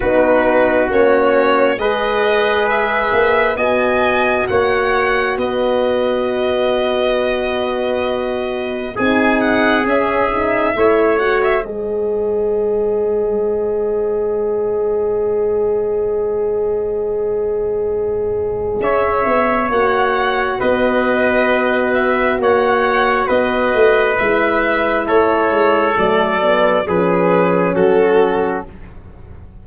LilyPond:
<<
  \new Staff \with { instrumentName = "violin" } { \time 4/4 \tempo 4 = 67 b'4 cis''4 dis''4 e''4 | gis''4 fis''4 dis''2~ | dis''2 gis''8 fis''8 e''4~ | e''8 fis''16 e''16 dis''2.~ |
dis''1~ | dis''4 e''4 fis''4 dis''4~ | dis''8 e''8 fis''4 dis''4 e''4 | cis''4 d''4 b'4 a'4 | }
  \new Staff \with { instrumentName = "trumpet" } { \time 4/4 fis'2 b'2 | dis''4 cis''4 b'2~ | b'2 gis'2 | cis''4 c''2.~ |
c''1~ | c''4 cis''2 b'4~ | b'4 cis''4 b'2 | a'2 gis'4 fis'4 | }
  \new Staff \with { instrumentName = "horn" } { \time 4/4 dis'4 cis'4 gis'2 | fis'1~ | fis'2 dis'4 cis'8 dis'8 | e'8 fis'8 gis'2.~ |
gis'1~ | gis'2 fis'2~ | fis'2. e'4~ | e'4 a8 b8 cis'2 | }
  \new Staff \with { instrumentName = "tuba" } { \time 4/4 b4 ais4 gis4. ais8 | b4 ais4 b2~ | b2 c'4 cis'4 | a4 gis2.~ |
gis1~ | gis4 cis'8 b8 ais4 b4~ | b4 ais4 b8 a8 gis4 | a8 gis8 fis4 f4 fis4 | }
>>